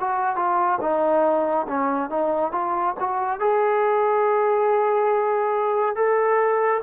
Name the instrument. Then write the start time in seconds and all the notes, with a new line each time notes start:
trombone
0.00 F#4
0.36 F4
0.81 D#4
1.68 C#4
2.10 D#4
2.52 F4
3.00 F#4
3.40 G#4
5.96 A4